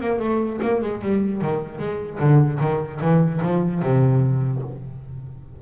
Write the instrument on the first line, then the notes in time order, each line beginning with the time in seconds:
double bass
0.00 A#3
0.19 A3
0.61 A#3
0.81 G#3
1.02 G3
1.41 D#3
1.78 G#3
2.19 D3
2.60 D#3
3.01 E3
3.42 F3
3.82 C3